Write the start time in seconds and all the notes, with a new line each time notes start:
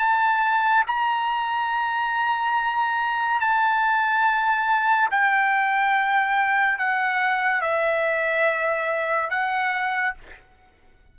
0.00 A5
0.88 A#5
3.41 A5
5.12 G5
6.79 F#5
7.62 E5
9.30 F#5